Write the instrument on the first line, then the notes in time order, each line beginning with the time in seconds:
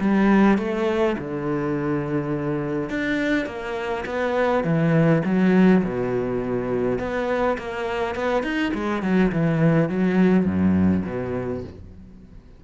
cello
0.00 G3
0.58 A3
1.18 D3
2.90 D4
3.46 A#3
4.06 B3
4.64 E3
5.25 F#3
5.84 B2
6.99 B3
7.58 A#3
8.15 B3
8.43 D#4
8.74 G#3
9.02 F#3
9.32 E3
9.89 F#3
10.46 F#2
11.05 B2